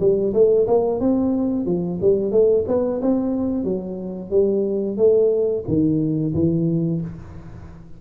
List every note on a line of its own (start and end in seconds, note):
0.00 0.33 G3
0.34 0.67 A3
0.68 1.00 A#3
1.00 1.66 C4
1.66 1.99 F3
2.02 2.32 G3
2.32 2.65 A3
2.68 3.01 B3
3.02 3.65 C4
3.65 4.31 F#3
4.31 4.97 G3
4.98 5.64 A3
5.68 6.35 D#3
6.35 7.02 E3